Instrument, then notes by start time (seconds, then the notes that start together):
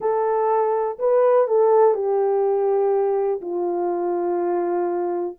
horn
0.00 A4
0.98 B4
1.47 A4
1.94 G4
3.41 F4